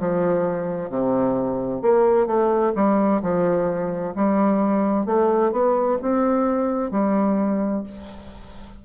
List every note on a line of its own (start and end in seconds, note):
0.00 0.90 F3
0.90 1.83 C3
1.83 2.27 A#3
2.27 2.73 A3
2.76 3.22 G3
3.23 4.15 F3
4.16 5.06 G3
5.06 5.52 A3
5.52 5.98 B3
6.03 6.91 C4
6.91 7.84 G3